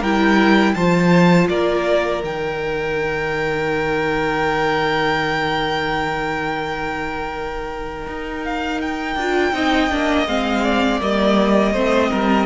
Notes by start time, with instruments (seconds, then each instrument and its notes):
0.00 cello G3, viola E4, violin A#4 G5
0.74 cello F3, viola F4, violin C5 A5
1.49 cello A#3, violin A#4 D5
2.23 cello D#3, viola D#4, violin G5
8.07 cello D#4
8.45 violin F5
8.81 violin G5
9.16 cello D4, viola F4
9.53 cello C4, viola D#4, violin D#5
9.90 cello A#3, viola D4
10.27 cello G#3, viola C4, violin F5
10.64 violin D5
11.01 cello G3, viola A#3, violin D#5
11.73 cello A3, viola C4, violin C5
12.10 cello G3, violin A#4